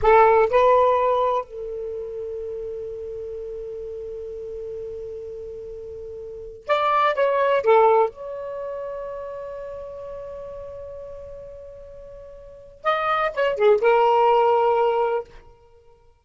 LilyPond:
\new Staff \with { instrumentName = "saxophone" } { \time 4/4 \tempo 4 = 126 a'4 b'2 a'4~ | a'1~ | a'1~ | a'2 d''4 cis''4 |
a'4 cis''2.~ | cis''1~ | cis''2. dis''4 | cis''8 gis'8 ais'2. | }